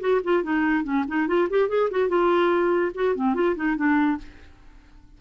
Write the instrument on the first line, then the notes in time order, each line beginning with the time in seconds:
clarinet
0.00 F#4
0.24 F4
0.43 D#4
0.84 C#4
1.08 D#4
1.27 F4
1.50 G4
1.69 G#4
1.91 F#4
2.09 F4
2.95 F#4
3.15 C4
3.35 F4
3.56 D#4
3.76 D4